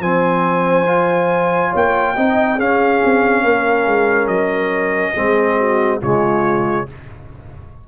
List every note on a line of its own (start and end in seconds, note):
0.00 1.71 F3
0.00 0.87 C4
0.00 1.71 C5
0.00 1.73 G#5
0.87 2.15 F4
1.71 2.17 A#3
1.71 2.14 C#5
1.71 2.60 G5
2.16 2.60 C4
2.16 2.59 D#4
2.16 2.56 D#5
2.56 5.16 C#4
2.56 3.02 C#4
2.56 3.42 G#4
2.56 4.28 F5
3.05 3.44 C4
3.44 3.86 A#3
3.44 5.14 A#4
3.86 4.28 G#3
4.28 5.13 F#3
4.28 5.99 D#5
5.14 6.03 G#3
5.14 6.01 C4
5.14 5.57 G#4
5.58 6.01 F#4
6.01 6.89 C#3
6.01 6.87 G#3
6.01 6.87 F4
6.01 6.89 C#5